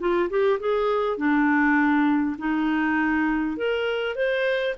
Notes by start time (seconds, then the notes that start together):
0.00 F4
0.30 G4
0.60 G#4
1.18 D4
2.38 D#4
3.58 A#4
4.16 C5